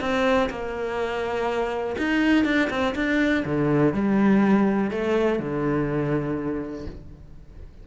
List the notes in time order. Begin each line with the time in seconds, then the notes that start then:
0.00 C4
0.49 A#3
1.97 D#4
2.44 D4
2.70 C4
2.95 D4
3.45 D3
3.93 G3
4.90 A3
5.39 D3